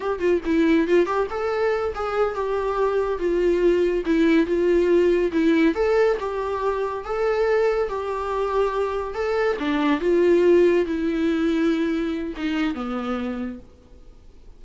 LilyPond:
\new Staff \with { instrumentName = "viola" } { \time 4/4 \tempo 4 = 141 g'8 f'8 e'4 f'8 g'8 a'4~ | a'8 gis'4 g'2 f'8~ | f'4. e'4 f'4.~ | f'8 e'4 a'4 g'4.~ |
g'8 a'2 g'4.~ | g'4. a'4 d'4 f'8~ | f'4. e'2~ e'8~ | e'4 dis'4 b2 | }